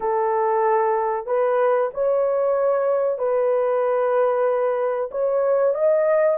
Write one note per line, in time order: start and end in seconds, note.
0.00 1.26 A4
1.26 1.90 B4
1.94 3.18 C#5
3.18 5.09 B4
5.11 5.74 C#5
5.74 6.38 D#5